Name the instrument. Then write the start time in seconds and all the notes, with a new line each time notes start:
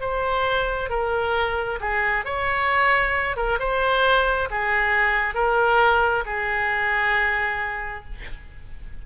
oboe
0.00 C5
0.90 A#4
1.80 G#4
2.25 C#5
3.36 A#4
3.59 C5
4.50 G#4
5.34 A#4
6.25 G#4